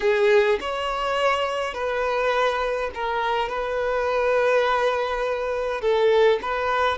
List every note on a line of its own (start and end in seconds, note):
0.00 0.58 G#4
0.60 1.73 C#5
1.73 2.90 B4
2.94 3.48 A#4
3.48 5.81 B4
5.81 6.39 A4
6.42 6.97 B4